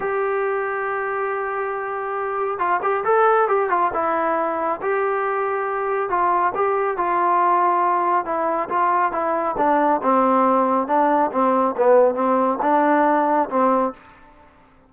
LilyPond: \new Staff \with { instrumentName = "trombone" } { \time 4/4 \tempo 4 = 138 g'1~ | g'2 f'8 g'8 a'4 | g'8 f'8 e'2 g'4~ | g'2 f'4 g'4 |
f'2. e'4 | f'4 e'4 d'4 c'4~ | c'4 d'4 c'4 b4 | c'4 d'2 c'4 | }